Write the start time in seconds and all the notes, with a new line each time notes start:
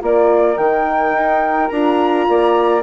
0.00 A#3 F4 A#4 D5
0.57 D#3 D#4 G5
1.12 D#4
1.68 D4 F4 A#5
2.28 A#3 D5